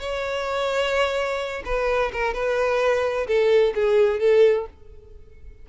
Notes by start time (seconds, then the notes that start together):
0.00 C#5
1.65 B4
2.12 A#4
2.34 B4
3.27 A4
3.75 G#4
4.19 A4